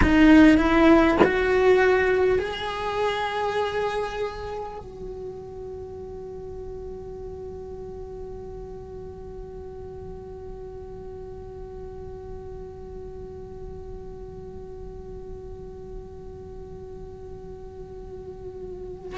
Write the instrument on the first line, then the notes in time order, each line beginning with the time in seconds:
cello
0.02 D#4
0.57 E4
1.23 F#4
2.38 G#4
4.78 F#4